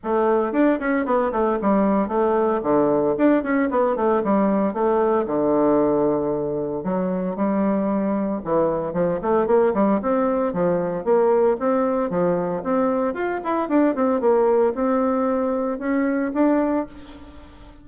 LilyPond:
\new Staff \with { instrumentName = "bassoon" } { \time 4/4 \tempo 4 = 114 a4 d'8 cis'8 b8 a8 g4 | a4 d4 d'8 cis'8 b8 a8 | g4 a4 d2~ | d4 fis4 g2 |
e4 f8 a8 ais8 g8 c'4 | f4 ais4 c'4 f4 | c'4 f'8 e'8 d'8 c'8 ais4 | c'2 cis'4 d'4 | }